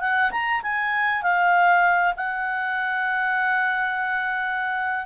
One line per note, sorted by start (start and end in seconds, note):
0.00 0.31 F#5
0.31 0.61 A#5
0.62 1.22 G#5
1.22 2.14 F5
2.16 5.05 F#5